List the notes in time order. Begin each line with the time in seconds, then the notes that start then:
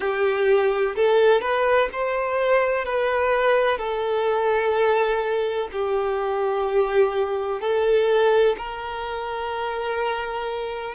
0.00 G4
0.95 A4
1.41 B4
1.92 C5
2.85 B4
3.77 A4
5.71 G4
7.60 A4
8.57 A#4